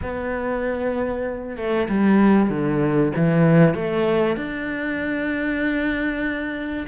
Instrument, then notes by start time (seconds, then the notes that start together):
cello
0.01 B3
1.56 A3
1.89 G3
2.49 D3
3.16 E3
3.74 A3
4.36 D4